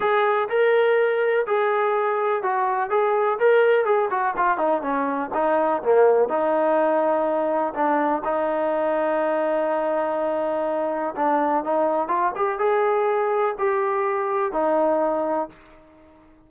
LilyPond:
\new Staff \with { instrumentName = "trombone" } { \time 4/4 \tempo 4 = 124 gis'4 ais'2 gis'4~ | gis'4 fis'4 gis'4 ais'4 | gis'8 fis'8 f'8 dis'8 cis'4 dis'4 | ais4 dis'2. |
d'4 dis'2.~ | dis'2. d'4 | dis'4 f'8 g'8 gis'2 | g'2 dis'2 | }